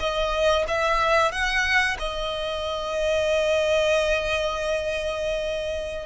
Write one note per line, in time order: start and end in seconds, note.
0.00 0.65 D#5
0.68 1.32 E5
1.32 1.97 F#5
1.99 6.06 D#5